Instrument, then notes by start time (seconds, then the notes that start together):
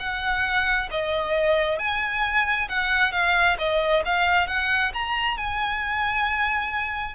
violin
0.00 F#5
0.91 D#5
1.79 G#5
2.69 F#5
3.13 F5
3.59 D#5
4.05 F5
4.48 F#5
4.94 A#5
5.38 G#5